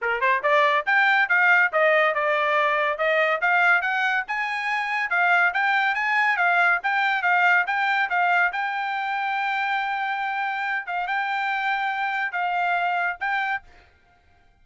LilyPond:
\new Staff \with { instrumentName = "trumpet" } { \time 4/4 \tempo 4 = 141 ais'8 c''8 d''4 g''4 f''4 | dis''4 d''2 dis''4 | f''4 fis''4 gis''2 | f''4 g''4 gis''4 f''4 |
g''4 f''4 g''4 f''4 | g''1~ | g''4. f''8 g''2~ | g''4 f''2 g''4 | }